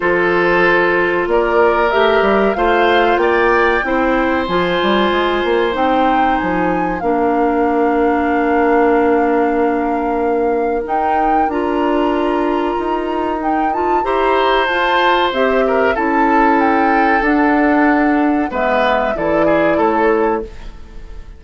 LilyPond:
<<
  \new Staff \with { instrumentName = "flute" } { \time 4/4 \tempo 4 = 94 c''2 d''4 e''4 | f''4 g''2 gis''4~ | gis''4 g''4 gis''4 f''4~ | f''1~ |
f''4 g''4 ais''2~ | ais''4 g''8 a''8 ais''4 a''4 | e''4 a''4 g''4 fis''4~ | fis''4 e''4 d''4 cis''4 | }
  \new Staff \with { instrumentName = "oboe" } { \time 4/4 a'2 ais'2 | c''4 d''4 c''2~ | c''2. ais'4~ | ais'1~ |
ais'1~ | ais'2 c''2~ | c''8 ais'8 a'2.~ | a'4 b'4 a'8 gis'8 a'4 | }
  \new Staff \with { instrumentName = "clarinet" } { \time 4/4 f'2. g'4 | f'2 e'4 f'4~ | f'4 dis'2 d'4~ | d'1~ |
d'4 dis'4 f'2~ | f'4 dis'8 f'8 g'4 f'4 | g'4 e'2 d'4~ | d'4 b4 e'2 | }
  \new Staff \with { instrumentName = "bassoon" } { \time 4/4 f2 ais4 a8 g8 | a4 ais4 c'4 f8 g8 | gis8 ais8 c'4 f4 ais4~ | ais1~ |
ais4 dis'4 d'2 | dis'2 e'4 f'4 | c'4 cis'2 d'4~ | d'4 gis4 e4 a4 | }
>>